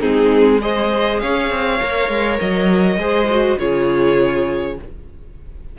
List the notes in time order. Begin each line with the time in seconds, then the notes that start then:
0.00 G#3 C4 D#4 G#4
0.62 G#4 C5 D#5
1.20 C#4 C#5 F5
1.50 C4
1.81 A#3 A#4
2.09 G#3
2.40 F#3 D#5
2.97 G#3 G#4 C5
3.31 F#4
3.59 C#3 F4 G#4 C#5